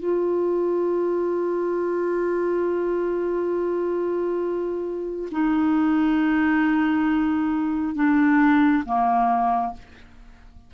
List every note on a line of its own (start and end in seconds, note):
0.00 5.29 F4
5.32 7.95 D#4
7.95 8.84 D4
8.86 9.74 A#3